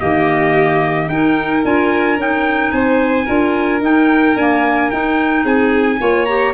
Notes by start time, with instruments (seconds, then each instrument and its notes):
0.00 tuba D#3, clarinet A#3, violin G4, trumpet D#5
1.09 tuba D#4, clarinet D#4, violin A#4, trumpet G5
1.64 tuba D4, clarinet F4, trumpet G#5
2.17 tuba C#4, clarinet D#4, trumpet G5
2.72 tuba C4, violin C5, trumpet G#5
3.25 tuba D4, clarinet F4, violin A#4
3.81 tuba D#4, clarinet D#4, trumpet G5
4.36 clarinet A#3, tuba D4, trumpet G#5
4.91 clarinet D#4, tuba D#4, trumpet G5
5.43 tuba C4, violin G#4, trumpet G#5
6.00 tuba A#3, clarinet F4, violin C#5
6.26 clarinet G4, trumpet A#5